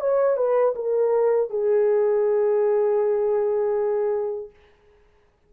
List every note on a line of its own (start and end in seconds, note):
0.00 0.36 C#5
0.36 0.74 B4
0.75 1.50 A#4
1.50 4.50 G#4